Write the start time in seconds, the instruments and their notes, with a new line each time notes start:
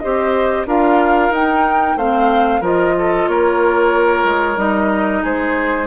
0.00 bassoon C4, clarinet G4, oboe C5, flute D#5
0.66 bassoon D4, clarinet F4, oboe A#4, flute F5
1.30 bassoon D#4, clarinet D#4, flute G5
1.96 bassoon A3, clarinet C4, oboe C5, flute F5
2.61 bassoon F3, clarinet F4, oboe A#4, flute D#5
2.98 oboe A4
3.28 bassoon A#3, oboe A#4, flute C#5
4.24 bassoon G#3
4.57 bassoon G3, clarinet D#4, flute D#5
5.23 bassoon G#3, oboe G#4, flute C5